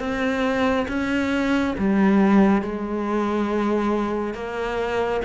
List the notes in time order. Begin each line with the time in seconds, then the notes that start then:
0.00 C4
0.88 C#4
1.78 G3
2.62 G#3
4.34 A#3